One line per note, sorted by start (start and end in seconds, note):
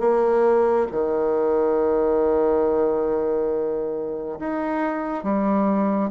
0.00 0.87 A#3
0.92 4.40 D#3
4.40 5.24 D#4
5.24 6.11 G3